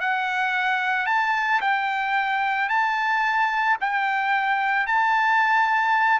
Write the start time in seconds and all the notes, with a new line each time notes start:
0.00 F#5
1.06 A5
1.61 G5
2.69 A5
3.80 G5
4.86 A5